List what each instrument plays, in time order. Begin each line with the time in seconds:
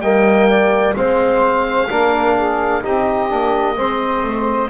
0.00 double bass G3, trombone A#3, saxophone D#5, oboe G5
0.48 saxophone D5
0.95 double bass G#3, trombone C4, saxophone C5, oboe F5
1.87 double bass A#3, trombone D4, saxophone A#4
2.37 saxophone G#4
2.81 double bass C4, trombone D#4, saxophone G4, oboe D#5
3.29 double bass A#3, trombone D4
3.76 double bass G#3, trombone C4, saxophone C5
4.23 double bass A3